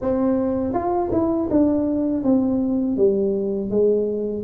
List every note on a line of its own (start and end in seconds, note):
0.01 0.73 C4
0.73 1.10 F4
1.11 1.48 E4
1.50 2.23 D4
2.23 2.96 C4
2.96 3.70 G3
3.70 4.43 G#3